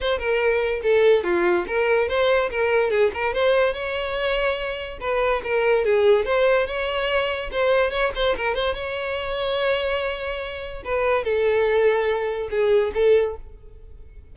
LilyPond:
\new Staff \with { instrumentName = "violin" } { \time 4/4 \tempo 4 = 144 c''8 ais'4. a'4 f'4 | ais'4 c''4 ais'4 gis'8 ais'8 | c''4 cis''2. | b'4 ais'4 gis'4 c''4 |
cis''2 c''4 cis''8 c''8 | ais'8 c''8 cis''2.~ | cis''2 b'4 a'4~ | a'2 gis'4 a'4 | }